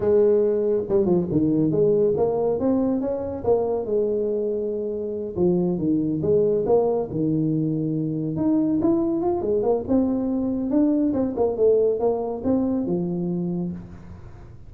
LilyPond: \new Staff \with { instrumentName = "tuba" } { \time 4/4 \tempo 4 = 140 gis2 g8 f8 dis4 | gis4 ais4 c'4 cis'4 | ais4 gis2.~ | gis8 f4 dis4 gis4 ais8~ |
ais8 dis2. dis'8~ | dis'8 e'4 f'8 gis8 ais8 c'4~ | c'4 d'4 c'8 ais8 a4 | ais4 c'4 f2 | }